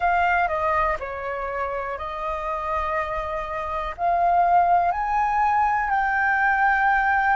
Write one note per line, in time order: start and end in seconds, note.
0.00 0.47 F5
0.47 0.97 D#5
0.99 1.98 C#5
1.98 3.94 D#5
3.97 4.91 F5
4.91 5.90 G#5
5.90 7.36 G5